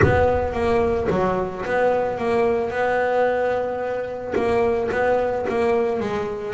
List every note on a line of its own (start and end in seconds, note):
0.02 0.53 B3
0.53 1.07 A#3
1.10 1.65 F#3
1.65 2.18 B3
2.18 2.70 A#3
2.70 4.34 B3
4.35 4.89 A#3
4.91 5.45 B3
5.48 6.00 A#3
6.00 6.53 G#3